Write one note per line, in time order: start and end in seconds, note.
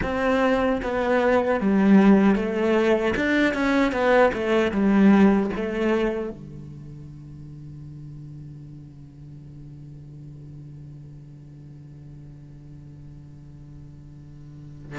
0.02 0.81 C4
0.82 1.60 B3
1.60 2.35 G3
2.35 3.14 A3
3.16 3.54 D4
3.54 3.92 C#4
3.92 4.31 B3
4.33 4.71 A3
4.71 5.50 G3
5.56 6.30 A3
6.30 14.98 D3